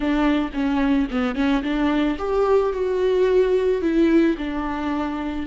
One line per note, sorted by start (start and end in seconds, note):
0.00 0.50 D4
0.53 1.08 C#4
1.10 1.35 B3
1.35 1.62 C#4
1.62 2.17 D4
2.18 2.72 G4
2.72 3.81 F#4
3.81 4.36 E4
4.37 5.46 D4